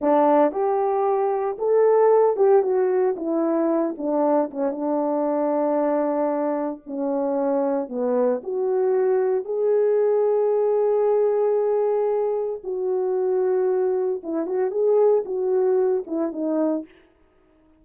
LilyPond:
\new Staff \with { instrumentName = "horn" } { \time 4/4 \tempo 4 = 114 d'4 g'2 a'4~ | a'8 g'8 fis'4 e'4. d'8~ | d'8 cis'8 d'2.~ | d'4 cis'2 b4 |
fis'2 gis'2~ | gis'1 | fis'2. e'8 fis'8 | gis'4 fis'4. e'8 dis'4 | }